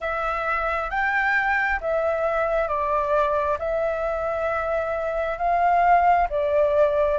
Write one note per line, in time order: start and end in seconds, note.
0.00 0.90 E5
0.90 1.79 G5
1.80 2.68 E5
2.68 3.57 D5
3.58 5.37 E5
5.37 6.27 F5
6.29 7.18 D5